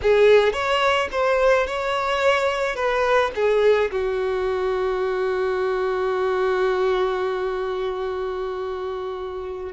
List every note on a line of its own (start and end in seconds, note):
0.02 0.52 G#4
0.52 1.08 C#5
1.11 1.66 C5
1.66 2.75 C#5
2.75 3.31 B4
3.35 3.90 G#4
3.91 9.72 F#4